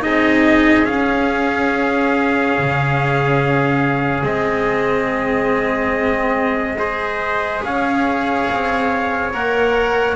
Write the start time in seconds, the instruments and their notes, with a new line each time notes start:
0.00 double bass C4, cello D#4, trumpet G#4 D#5
0.84 cello C#4, double bass C#4, trumpet F5
2.58 double bass C#3
4.23 double bass G#3, cello C4, trumpet D#5
6.78 cello G#4, trumpet C5
7.63 double bass C#4, trumpet C#5 F5
8.50 double bass C4
9.32 double bass A#3, cello A#4, trumpet F#5